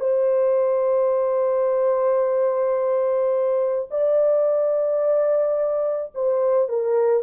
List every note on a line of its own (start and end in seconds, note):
0.00 3.89 C5
3.91 6.13 D5
6.15 6.69 C5
6.69 7.24 A#4